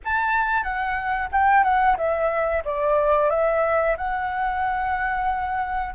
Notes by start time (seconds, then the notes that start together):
0.04 A5
0.63 F#5
1.32 G5
1.63 F#5
1.97 E5
2.64 D5
3.30 E5
3.97 F#5